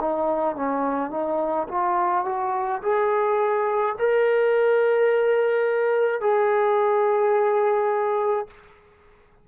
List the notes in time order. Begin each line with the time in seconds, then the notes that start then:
0.00 D#4
0.56 C#4
1.11 D#4
1.68 F4
2.25 F#4
2.82 G#4
3.99 A#4
6.21 G#4